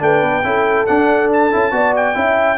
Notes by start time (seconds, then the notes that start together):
0.00 A3 D4 B4 G5
0.22 B3
0.44 C#4 E4 A4
0.86 D4 F#5
1.33 A5
1.52 C#4 E4
1.71 B3 F#4 D5
1.96 G5
2.15 C#4 E4 E5